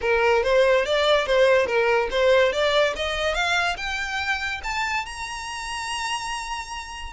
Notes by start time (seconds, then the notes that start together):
0.01 A#4
0.43 C5
0.85 D5
1.26 C5
1.66 A#4
2.10 C5
2.52 D5
2.96 D#5
3.34 F5
3.76 G5
4.63 A5
5.05 A#5